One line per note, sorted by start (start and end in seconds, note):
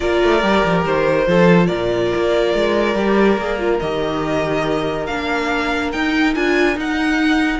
0.00 0.23 A#3
0.00 0.41 F4
0.00 1.28 A#4
0.00 0.81 D5
0.23 0.43 A3
0.41 0.64 G3
0.41 1.26 G4
0.64 0.84 F3
0.84 1.27 D#3
0.84 1.66 C5
1.27 1.69 F3
1.27 2.96 F4
1.27 1.67 A4
1.66 2.12 A#2
1.66 7.58 A#4
1.66 3.78 D5
2.15 2.54 A#3
2.54 2.94 G#3
2.94 3.37 G3
2.94 3.38 G4
3.37 3.79 A#3
3.37 3.59 G#4
3.59 3.80 F4
3.80 5.08 D#3
3.80 5.09 G4
3.80 5.06 D#5
5.06 5.93 A#3
5.06 5.93 D4
5.06 5.91 F5
5.92 6.35 D#4
5.92 6.34 G5
6.34 6.76 D4
6.34 6.75 F4
6.34 6.77 G#5
6.75 7.59 D#4
6.75 7.59 F#5